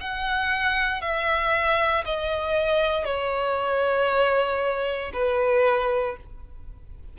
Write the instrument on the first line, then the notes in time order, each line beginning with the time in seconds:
violin
0.00 F#5
1.01 E5
2.05 D#5
3.04 C#5
5.13 B4